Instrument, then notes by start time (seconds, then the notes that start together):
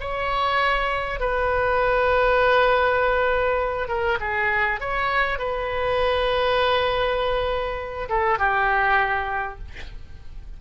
oboe
0.00 C#5
1.20 B4
3.88 A#4
4.21 G#4
4.80 C#5
5.39 B4
8.09 A4
8.38 G4